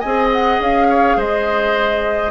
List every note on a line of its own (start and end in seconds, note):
0.00 0.60 C4
0.00 2.32 G#4
0.00 0.87 D#5
0.00 0.29 G#5
0.33 0.62 F#5
0.60 1.17 C#4
0.60 1.20 F5
0.90 1.17 C#5
1.17 2.32 G#3
1.17 2.32 C5
1.17 2.32 D#5